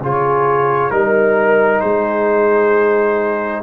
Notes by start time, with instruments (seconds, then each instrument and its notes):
0.00 tuba C#3, trombone F4, horn G#4, trumpet C#5
0.90 tuba G3, trombone D#4, trumpet A#4, horn A#4
1.80 tuba G#3, horn G#4, trumpet C5